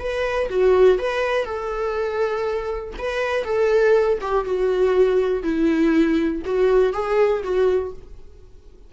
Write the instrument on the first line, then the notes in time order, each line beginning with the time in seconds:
viola
0.00 B4
0.50 F#4
0.99 B4
1.46 A4
2.99 B4
3.45 A4
4.21 G4
4.45 F#4
5.44 E4
6.46 F#4
6.94 G#4
7.44 F#4